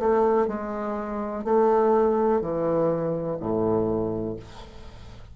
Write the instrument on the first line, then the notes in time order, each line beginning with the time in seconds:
bassoon
0.00 A3
0.48 G#3
1.44 A3
2.41 E3
3.40 A2